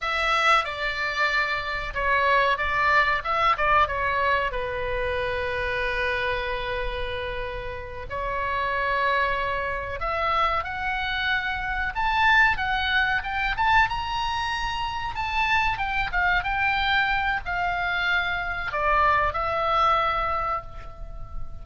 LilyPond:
\new Staff \with { instrumentName = "oboe" } { \time 4/4 \tempo 4 = 93 e''4 d''2 cis''4 | d''4 e''8 d''8 cis''4 b'4~ | b'1~ | b'8 cis''2. e''8~ |
e''8 fis''2 a''4 fis''8~ | fis''8 g''8 a''8 ais''2 a''8~ | a''8 g''8 f''8 g''4. f''4~ | f''4 d''4 e''2 | }